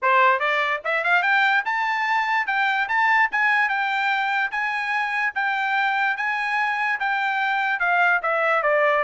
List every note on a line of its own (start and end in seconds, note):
0.02 0.39 C5
0.39 0.81 D5
0.84 1.03 E5
1.03 1.22 F5
1.22 1.63 G5
1.65 2.47 A5
2.47 2.88 G5
2.88 3.29 A5
3.31 3.68 G#5
3.68 4.51 G5
4.51 5.33 G#5
5.34 6.16 G5
6.16 6.99 G#5
6.99 7.79 G5
7.79 8.20 F5
8.22 8.63 E5
8.63 9.04 D5